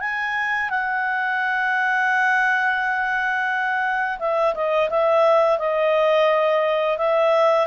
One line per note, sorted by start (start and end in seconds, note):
0.00 0.70 G#5
0.70 4.19 F#5
4.19 4.54 E5
4.55 4.90 D#5
4.90 5.58 E5
5.58 6.98 D#5
6.98 7.67 E5